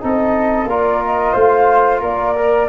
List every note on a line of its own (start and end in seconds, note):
0.00 0.65 C4
0.00 0.67 D#4
0.00 0.69 A4
0.00 0.68 D#5
0.65 1.31 A#3
0.65 2.36 F4
0.65 1.32 A#4
0.65 1.02 D5
1.05 1.34 D#5
1.32 2.01 A3
1.32 1.99 C5
1.32 2.01 F5
1.99 2.68 A#3
1.99 2.66 A#4
1.99 2.68 D5
2.36 2.68 A#4